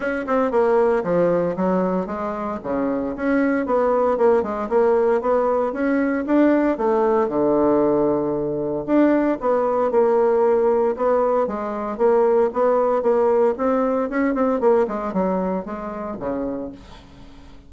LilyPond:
\new Staff \with { instrumentName = "bassoon" } { \time 4/4 \tempo 4 = 115 cis'8 c'8 ais4 f4 fis4 | gis4 cis4 cis'4 b4 | ais8 gis8 ais4 b4 cis'4 | d'4 a4 d2~ |
d4 d'4 b4 ais4~ | ais4 b4 gis4 ais4 | b4 ais4 c'4 cis'8 c'8 | ais8 gis8 fis4 gis4 cis4 | }